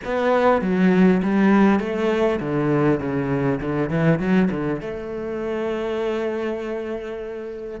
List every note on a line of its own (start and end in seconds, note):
0.04 0.61 B3
0.61 1.21 F#3
1.22 1.79 G3
1.79 2.39 A3
2.40 2.99 D3
2.99 3.59 C#3
3.60 3.89 D3
3.89 4.19 E3
4.19 4.49 F#3
4.50 4.80 D3
4.80 7.80 A3